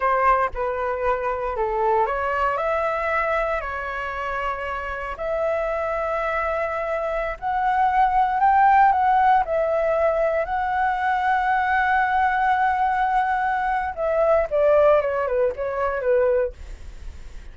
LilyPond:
\new Staff \with { instrumentName = "flute" } { \time 4/4 \tempo 4 = 116 c''4 b'2 a'4 | cis''4 e''2 cis''4~ | cis''2 e''2~ | e''2~ e''16 fis''4.~ fis''16~ |
fis''16 g''4 fis''4 e''4.~ e''16~ | e''16 fis''2.~ fis''8.~ | fis''2. e''4 | d''4 cis''8 b'8 cis''4 b'4 | }